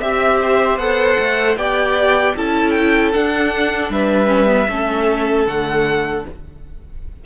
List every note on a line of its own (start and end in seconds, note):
0.00 0.77 C4
0.00 0.79 G4
0.00 0.39 E5
0.00 0.78 E5
0.41 1.57 C5
0.77 1.16 B3
0.77 1.57 A4
0.77 1.56 F#5
1.19 1.56 A3
1.56 2.34 B3
1.56 2.36 G4
1.56 2.35 D5
1.56 2.35 G5
2.36 3.13 C#4
2.36 3.13 E4
2.36 3.92 A4
2.36 2.70 A5
2.70 3.09 G5
3.12 4.26 D4
3.12 3.89 D4
3.12 3.90 F#5
3.89 4.67 G3
3.89 4.69 B4
3.89 5.46 E5
4.26 4.46 C#4
4.46 4.65 B3
4.68 5.46 A3
4.68 5.46 C#4
4.68 6.25 A4
5.46 6.24 D3
5.46 6.24 A3
5.46 6.24 F#5